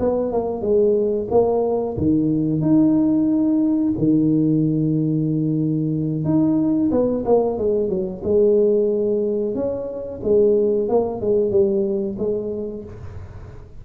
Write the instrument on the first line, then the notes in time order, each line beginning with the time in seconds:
tuba
0.00 B3
0.33 A#3
0.62 G#3
1.31 A#3
1.98 D#3
2.62 D#4
3.98 D#3
6.25 D#4
6.92 B3
7.26 A#3
7.59 G#3
7.90 F#3
8.24 G#3
9.55 C#4
10.24 G#3
10.89 A#3
11.21 G#3
11.51 G3
12.19 G#3